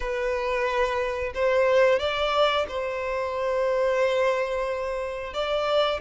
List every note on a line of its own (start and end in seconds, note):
0.00 1.32 B4
1.34 1.99 C5
1.99 2.65 D5
2.68 5.33 C5
5.33 6.00 D5